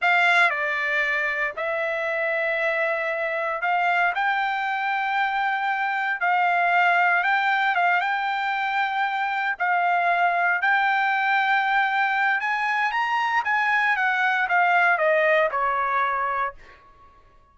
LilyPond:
\new Staff \with { instrumentName = "trumpet" } { \time 4/4 \tempo 4 = 116 f''4 d''2 e''4~ | e''2. f''4 | g''1 | f''2 g''4 f''8 g''8~ |
g''2~ g''8 f''4.~ | f''8 g''2.~ g''8 | gis''4 ais''4 gis''4 fis''4 | f''4 dis''4 cis''2 | }